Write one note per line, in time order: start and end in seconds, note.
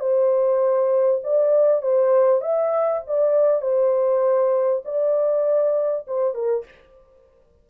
0.00 1.21 C5
1.24 1.82 D5
1.82 2.41 C5
2.41 3.02 E5
3.07 3.62 D5
3.62 4.83 C5
4.85 6.06 D5
6.07 6.34 C5
6.34 6.65 A#4